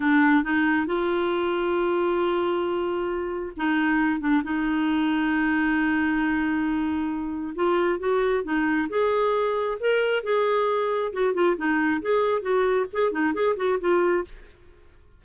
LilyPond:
\new Staff \with { instrumentName = "clarinet" } { \time 4/4 \tempo 4 = 135 d'4 dis'4 f'2~ | f'1 | dis'4. d'8 dis'2~ | dis'1~ |
dis'4 f'4 fis'4 dis'4 | gis'2 ais'4 gis'4~ | gis'4 fis'8 f'8 dis'4 gis'4 | fis'4 gis'8 dis'8 gis'8 fis'8 f'4 | }